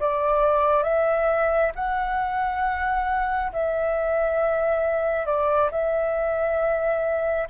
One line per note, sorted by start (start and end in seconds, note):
0.00 0.83 D5
0.83 1.72 E5
1.76 3.52 F#5
3.53 5.26 E5
5.26 5.70 D5
5.72 7.48 E5